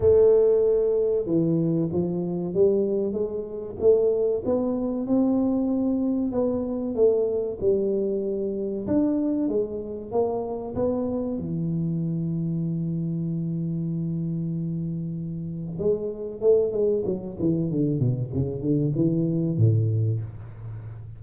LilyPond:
\new Staff \with { instrumentName = "tuba" } { \time 4/4 \tempo 4 = 95 a2 e4 f4 | g4 gis4 a4 b4 | c'2 b4 a4 | g2 d'4 gis4 |
ais4 b4 e2~ | e1~ | e4 gis4 a8 gis8 fis8 e8 | d8 b,8 cis8 d8 e4 a,4 | }